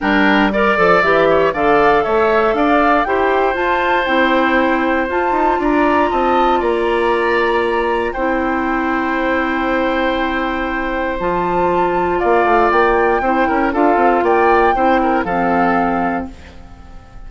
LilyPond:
<<
  \new Staff \with { instrumentName = "flute" } { \time 4/4 \tempo 4 = 118 g''4 d''4 e''4 f''4 | e''4 f''4 g''4 a''4 | g''2 a''4 ais''4 | a''4 ais''2. |
g''1~ | g''2 a''2 | f''4 g''2 f''4 | g''2 f''2 | }
  \new Staff \with { instrumentName = "oboe" } { \time 4/4 ais'4 d''4. cis''8 d''4 | cis''4 d''4 c''2~ | c''2. d''4 | dis''4 d''2. |
c''1~ | c''1 | d''2 c''8 ais'8 a'4 | d''4 c''8 ais'8 a'2 | }
  \new Staff \with { instrumentName = "clarinet" } { \time 4/4 d'4 ais'8 a'8 g'4 a'4~ | a'2 g'4 f'4 | e'2 f'2~ | f'1 |
e'1~ | e'2 f'2~ | f'2 e'4 f'4~ | f'4 e'4 c'2 | }
  \new Staff \with { instrumentName = "bassoon" } { \time 4/4 g4. f8 e4 d4 | a4 d'4 e'4 f'4 | c'2 f'8 dis'8 d'4 | c'4 ais2. |
c'1~ | c'2 f2 | ais8 a8 ais4 c'8 cis'8 d'8 c'8 | ais4 c'4 f2 | }
>>